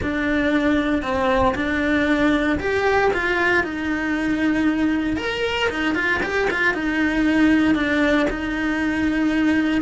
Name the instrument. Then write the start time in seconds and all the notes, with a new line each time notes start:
cello
0.02 D4
1.02 C4
1.55 D4
2.59 G4
3.13 F4
3.63 D#4
5.17 A#4
5.69 D#4
5.94 F4
6.22 G4
6.50 F4
6.74 D#4
7.74 D4
8.30 D#4